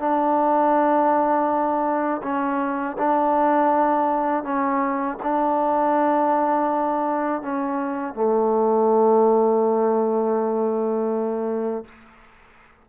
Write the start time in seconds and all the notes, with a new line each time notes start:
0.00 D4
2.23 C#4
2.98 D4
4.44 C#4
5.23 D4
7.42 C#4
8.15 A3